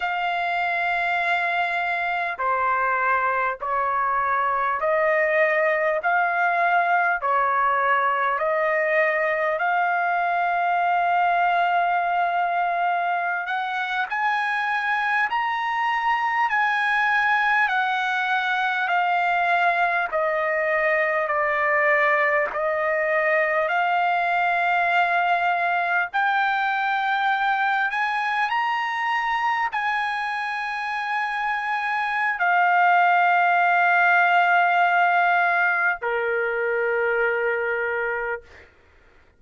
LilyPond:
\new Staff \with { instrumentName = "trumpet" } { \time 4/4 \tempo 4 = 50 f''2 c''4 cis''4 | dis''4 f''4 cis''4 dis''4 | f''2.~ f''16 fis''8 gis''16~ | gis''8. ais''4 gis''4 fis''4 f''16~ |
f''8. dis''4 d''4 dis''4 f''16~ | f''4.~ f''16 g''4. gis''8 ais''16~ | ais''8. gis''2~ gis''16 f''4~ | f''2 ais'2 | }